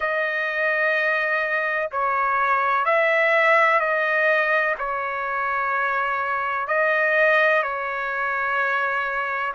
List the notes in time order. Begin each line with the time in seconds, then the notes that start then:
0.00 D#5
1.91 C#5
2.85 E5
3.80 D#5
4.78 C#5
6.67 D#5
7.62 C#5